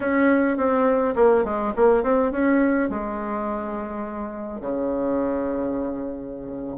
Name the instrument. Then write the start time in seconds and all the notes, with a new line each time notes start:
bassoon
0.00 C#4
0.57 C4
1.15 A#3
1.44 G#3
1.76 A#3
2.03 C4
2.31 C#4
2.89 G#3
4.60 C#3